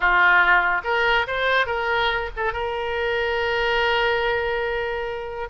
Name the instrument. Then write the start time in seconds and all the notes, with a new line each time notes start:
oboe
0.00 F4
0.84 A#4
1.27 C5
1.66 A#4
2.36 A4
2.53 A#4